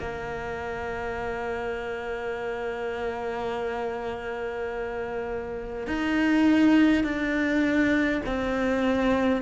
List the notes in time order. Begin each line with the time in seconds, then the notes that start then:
0.00 A#3
5.87 D#4
7.04 D4
8.26 C4